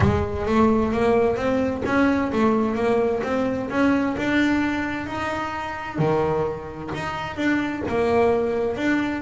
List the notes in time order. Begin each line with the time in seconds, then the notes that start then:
0.00 G#3
0.46 A3
0.92 A#3
1.36 C4
1.85 C#4
2.32 A3
2.75 A#3
3.23 C4
3.69 C#4
4.17 D4
5.06 D#4
5.98 D#3
6.94 D#4
7.36 D4
7.88 A#3
8.76 D4